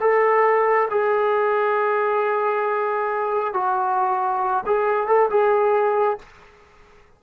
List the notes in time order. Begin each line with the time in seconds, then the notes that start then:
0.00 A4
0.90 G#4
3.53 F#4
4.66 G#4
5.07 A4
5.30 G#4